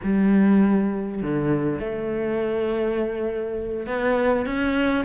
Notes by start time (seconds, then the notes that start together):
0.03 G3
1.22 D3
1.79 A3
3.86 B3
4.46 C#4